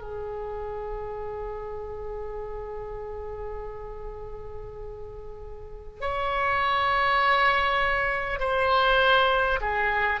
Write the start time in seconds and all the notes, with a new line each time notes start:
0.00 G#4
6.01 C#5
8.39 C5
9.61 G#4